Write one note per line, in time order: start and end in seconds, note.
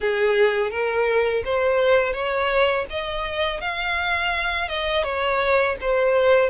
0.00 0.70 G#4
0.70 1.43 A#4
1.45 2.13 C5
2.13 2.85 C#5
2.90 3.60 D#5
3.60 4.68 F5
4.68 5.03 D#5
5.03 5.76 C#5
5.80 6.49 C5